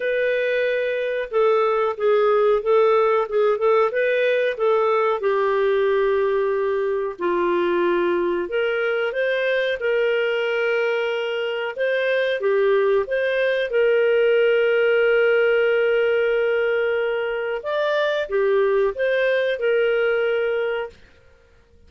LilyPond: \new Staff \with { instrumentName = "clarinet" } { \time 4/4 \tempo 4 = 92 b'2 a'4 gis'4 | a'4 gis'8 a'8 b'4 a'4 | g'2. f'4~ | f'4 ais'4 c''4 ais'4~ |
ais'2 c''4 g'4 | c''4 ais'2.~ | ais'2. d''4 | g'4 c''4 ais'2 | }